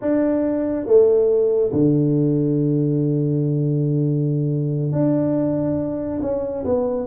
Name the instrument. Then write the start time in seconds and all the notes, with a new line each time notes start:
tuba
0.01 D4
0.85 A3
1.72 D3
4.92 D4
6.21 C#4
6.64 B3